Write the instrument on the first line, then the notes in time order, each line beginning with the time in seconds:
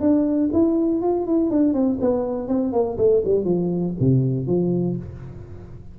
tuba
0.00 D4
0.53 E4
1.01 F4
1.26 E4
1.50 D4
1.73 C4
2.01 B3
2.48 C4
2.72 A#3
2.98 A3
3.25 G3
3.44 F3
4.00 C3
4.47 F3